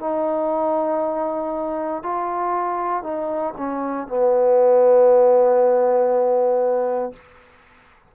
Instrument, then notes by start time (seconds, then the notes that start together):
trombone
0.00 D#4
2.03 F4
3.03 D#4
3.57 C#4
4.08 B3